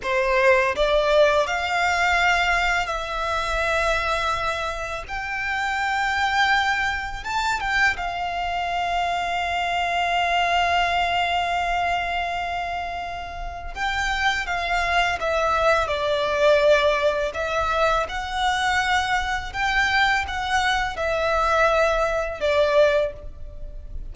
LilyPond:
\new Staff \with { instrumentName = "violin" } { \time 4/4 \tempo 4 = 83 c''4 d''4 f''2 | e''2. g''4~ | g''2 a''8 g''8 f''4~ | f''1~ |
f''2. g''4 | f''4 e''4 d''2 | e''4 fis''2 g''4 | fis''4 e''2 d''4 | }